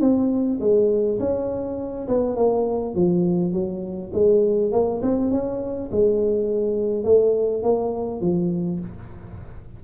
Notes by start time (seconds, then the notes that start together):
0.00 C4
0.59 G#3
1.19 C#4
2.07 B3
2.35 A#3
2.94 F3
3.53 F#3
4.13 G#3
4.71 A#3
5.02 C4
5.31 C#4
5.91 G#3
7.04 A3
7.62 A#3
8.21 F3